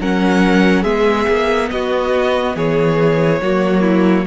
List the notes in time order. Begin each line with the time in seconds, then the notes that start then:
0.00 F#3 C#4 A#4 F#5
0.82 G#3 B3 G#4 E5
1.27 A#3
1.70 B3 F#4 D#5
2.55 E3 G#4 C#5
3.41 F#3 A#3 F#4
3.81 E4